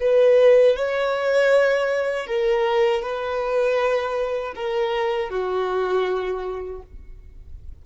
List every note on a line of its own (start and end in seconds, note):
0.00 0.76 B4
0.76 2.26 C#5
2.26 3.02 A#4
3.02 4.54 B4
4.55 5.30 A#4
5.30 6.81 F#4